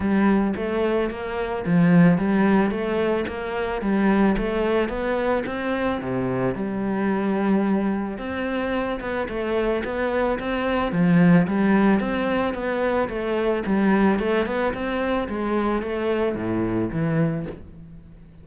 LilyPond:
\new Staff \with { instrumentName = "cello" } { \time 4/4 \tempo 4 = 110 g4 a4 ais4 f4 | g4 a4 ais4 g4 | a4 b4 c'4 c4 | g2. c'4~ |
c'8 b8 a4 b4 c'4 | f4 g4 c'4 b4 | a4 g4 a8 b8 c'4 | gis4 a4 a,4 e4 | }